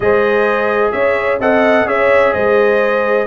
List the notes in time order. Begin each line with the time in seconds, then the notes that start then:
0.00 G#3 G#4 C5 D#5
0.91 C#4 C#5 E5
1.40 C4 A4 D#5 F#5
1.85 C#4 G#4 C#5 E5
2.33 G#3 C5 D#5